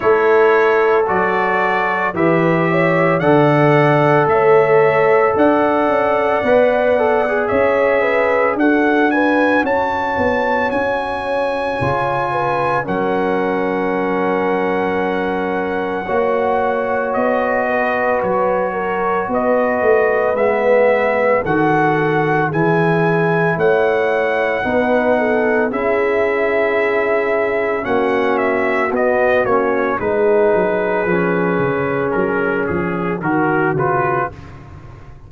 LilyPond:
<<
  \new Staff \with { instrumentName = "trumpet" } { \time 4/4 \tempo 4 = 56 cis''4 d''4 e''4 fis''4 | e''4 fis''2 e''4 | fis''8 gis''8 a''4 gis''2 | fis''1 |
dis''4 cis''4 dis''4 e''4 | fis''4 gis''4 fis''2 | e''2 fis''8 e''8 dis''8 cis''8 | b'2 ais'8 gis'8 ais'8 b'8 | }
  \new Staff \with { instrumentName = "horn" } { \time 4/4 a'2 b'8 cis''8 d''4 | cis''4 d''2 cis''8 b'8 | a'8 b'8 cis''2~ cis''8 b'8 | ais'2. cis''4~ |
cis''8 b'4 ais'8 b'2 | a'4 gis'4 cis''4 b'8 a'8 | gis'2 fis'2 | gis'2. fis'4 | }
  \new Staff \with { instrumentName = "trombone" } { \time 4/4 e'4 fis'4 g'4 a'4~ | a'2 b'8 a'16 gis'4~ gis'16 | fis'2. f'4 | cis'2. fis'4~ |
fis'2. b4 | fis'4 e'2 dis'4 | e'2 cis'4 b8 cis'8 | dis'4 cis'2 fis'8 f'8 | }
  \new Staff \with { instrumentName = "tuba" } { \time 4/4 a4 fis4 e4 d4 | a4 d'8 cis'8 b4 cis'4 | d'4 cis'8 b8 cis'4 cis4 | fis2. ais4 |
b4 fis4 b8 a8 gis4 | dis4 e4 a4 b4 | cis'2 ais4 b8 ais8 | gis8 fis8 f8 cis8 fis8 f8 dis8 cis8 | }
>>